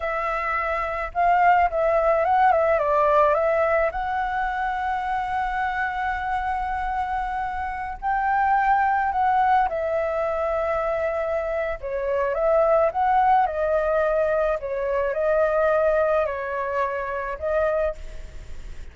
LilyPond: \new Staff \with { instrumentName = "flute" } { \time 4/4 \tempo 4 = 107 e''2 f''4 e''4 | fis''8 e''8 d''4 e''4 fis''4~ | fis''1~ | fis''2~ fis''16 g''4.~ g''16~ |
g''16 fis''4 e''2~ e''8.~ | e''4 cis''4 e''4 fis''4 | dis''2 cis''4 dis''4~ | dis''4 cis''2 dis''4 | }